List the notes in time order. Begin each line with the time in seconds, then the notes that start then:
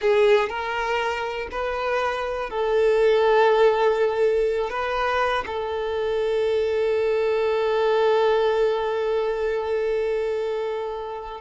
0.01 G#4
0.49 A#4
1.51 B4
2.50 A4
4.70 B4
5.46 A4